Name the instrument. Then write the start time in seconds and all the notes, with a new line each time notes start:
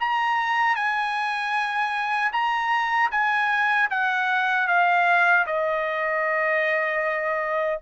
trumpet
0.00 A#5
0.76 G#5
2.32 A#5
3.11 G#5
3.91 F#5
4.68 F5
5.47 D#5